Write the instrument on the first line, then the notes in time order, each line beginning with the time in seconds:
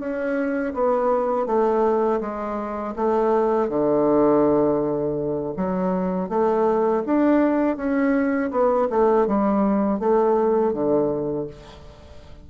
bassoon
0.00 C#4
0.74 B3
1.46 A3
2.21 G#3
2.96 A3
3.69 D3
5.57 F#3
6.30 A3
7.06 D4
7.77 C#4
8.52 B3
8.90 A3
9.28 G3
10.00 A3
10.73 D3